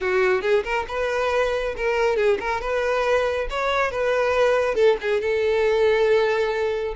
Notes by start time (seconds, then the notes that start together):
0.00 F#4
0.41 G#4
0.63 A#4
0.88 B4
1.76 A#4
2.16 G#4
2.40 A#4
2.60 B4
3.49 C#5
3.91 B4
4.75 A4
5.01 G#4
5.20 A4